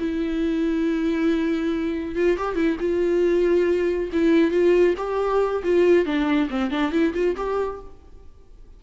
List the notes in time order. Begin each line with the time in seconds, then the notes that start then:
0.00 E4
2.16 F4
2.38 G4
2.56 E4
2.80 F4
4.13 E4
4.52 F4
4.98 G4
5.64 F4
6.06 D4
6.50 C4
6.71 D4
6.92 E4
7.14 F4
7.37 G4